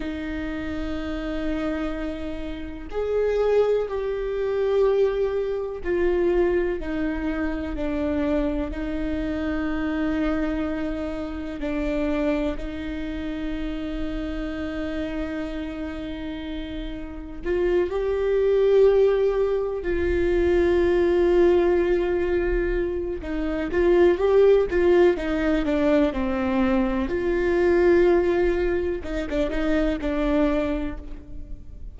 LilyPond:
\new Staff \with { instrumentName = "viola" } { \time 4/4 \tempo 4 = 62 dis'2. gis'4 | g'2 f'4 dis'4 | d'4 dis'2. | d'4 dis'2.~ |
dis'2 f'8 g'4.~ | g'8 f'2.~ f'8 | dis'8 f'8 g'8 f'8 dis'8 d'8 c'4 | f'2 dis'16 d'16 dis'8 d'4 | }